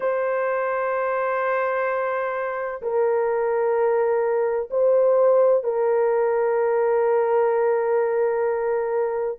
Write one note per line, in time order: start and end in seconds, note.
0.00 2.81 C5
2.82 4.69 A#4
4.70 5.63 C5
5.63 9.38 A#4